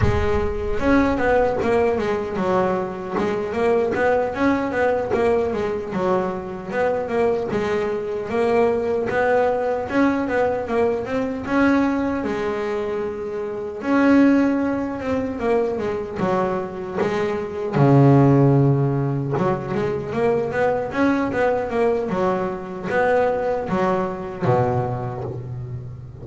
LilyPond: \new Staff \with { instrumentName = "double bass" } { \time 4/4 \tempo 4 = 76 gis4 cis'8 b8 ais8 gis8 fis4 | gis8 ais8 b8 cis'8 b8 ais8 gis8 fis8~ | fis8 b8 ais8 gis4 ais4 b8~ | b8 cis'8 b8 ais8 c'8 cis'4 gis8~ |
gis4. cis'4. c'8 ais8 | gis8 fis4 gis4 cis4.~ | cis8 fis8 gis8 ais8 b8 cis'8 b8 ais8 | fis4 b4 fis4 b,4 | }